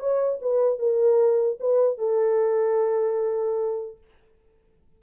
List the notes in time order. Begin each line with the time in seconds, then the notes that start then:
0.00 C#5
0.42 B4
0.79 A#4
1.60 B4
1.98 A4